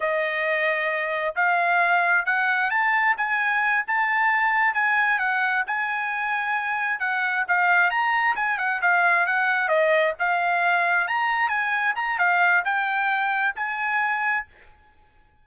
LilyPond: \new Staff \with { instrumentName = "trumpet" } { \time 4/4 \tempo 4 = 133 dis''2. f''4~ | f''4 fis''4 a''4 gis''4~ | gis''8 a''2 gis''4 fis''8~ | fis''8 gis''2. fis''8~ |
fis''8 f''4 ais''4 gis''8 fis''8 f''8~ | f''8 fis''4 dis''4 f''4.~ | f''8 ais''4 gis''4 ais''8 f''4 | g''2 gis''2 | }